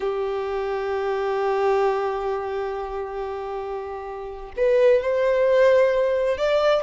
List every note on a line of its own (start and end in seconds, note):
0.00 4.52 G4
4.56 5.02 B4
5.02 6.37 C5
6.37 6.82 D5